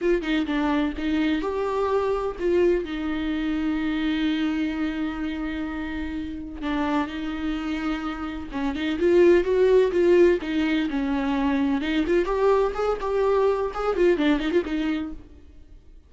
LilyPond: \new Staff \with { instrumentName = "viola" } { \time 4/4 \tempo 4 = 127 f'8 dis'8 d'4 dis'4 g'4~ | g'4 f'4 dis'2~ | dis'1~ | dis'2 d'4 dis'4~ |
dis'2 cis'8 dis'8 f'4 | fis'4 f'4 dis'4 cis'4~ | cis'4 dis'8 f'8 g'4 gis'8 g'8~ | g'4 gis'8 f'8 d'8 dis'16 f'16 dis'4 | }